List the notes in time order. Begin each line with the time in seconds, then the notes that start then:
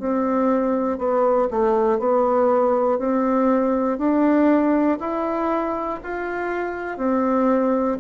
0.00 C4
0.99 B3
1.51 A3
2.00 B3
2.99 C4
3.98 D4
5.00 E4
6.04 F4
6.98 C4